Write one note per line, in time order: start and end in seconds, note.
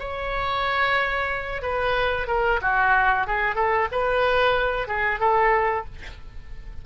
0.00 1.62 C#5
1.62 2.27 B4
2.27 2.60 A#4
2.61 3.27 F#4
3.27 3.55 G#4
3.55 3.88 A4
3.92 4.88 B4
4.88 5.20 G#4
5.20 5.85 A4